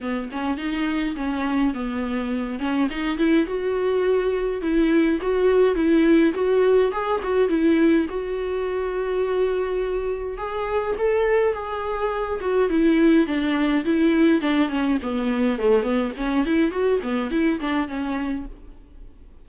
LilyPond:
\new Staff \with { instrumentName = "viola" } { \time 4/4 \tempo 4 = 104 b8 cis'8 dis'4 cis'4 b4~ | b8 cis'8 dis'8 e'8 fis'2 | e'4 fis'4 e'4 fis'4 | gis'8 fis'8 e'4 fis'2~ |
fis'2 gis'4 a'4 | gis'4. fis'8 e'4 d'4 | e'4 d'8 cis'8 b4 a8 b8 | cis'8 e'8 fis'8 b8 e'8 d'8 cis'4 | }